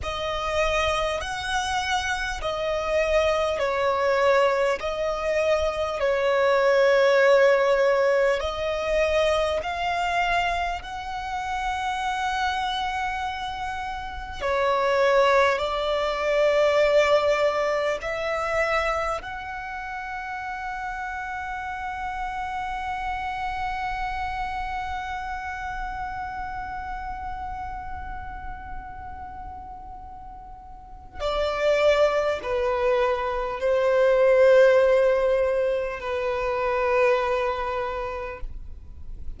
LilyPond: \new Staff \with { instrumentName = "violin" } { \time 4/4 \tempo 4 = 50 dis''4 fis''4 dis''4 cis''4 | dis''4 cis''2 dis''4 | f''4 fis''2. | cis''4 d''2 e''4 |
fis''1~ | fis''1~ | fis''2 d''4 b'4 | c''2 b'2 | }